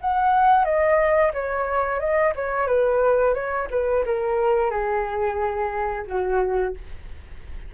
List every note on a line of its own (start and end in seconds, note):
0.00 0.64 F#5
0.64 1.31 D#5
1.33 1.99 C#5
1.99 2.33 D#5
2.35 2.66 C#5
2.66 3.34 B4
3.34 3.67 C#5
3.70 4.04 B4
4.05 4.70 A#4
4.70 6.05 G#4
6.07 6.74 F#4